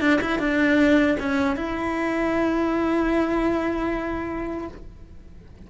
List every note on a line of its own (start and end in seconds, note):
0.00 0.19 D4
0.21 0.39 E4
0.39 1.17 D4
1.19 1.56 C#4
1.56 4.68 E4